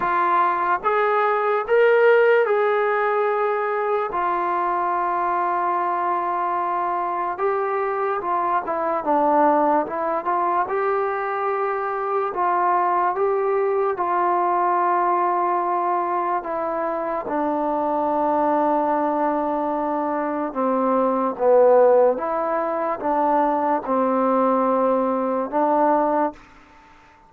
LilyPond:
\new Staff \with { instrumentName = "trombone" } { \time 4/4 \tempo 4 = 73 f'4 gis'4 ais'4 gis'4~ | gis'4 f'2.~ | f'4 g'4 f'8 e'8 d'4 | e'8 f'8 g'2 f'4 |
g'4 f'2. | e'4 d'2.~ | d'4 c'4 b4 e'4 | d'4 c'2 d'4 | }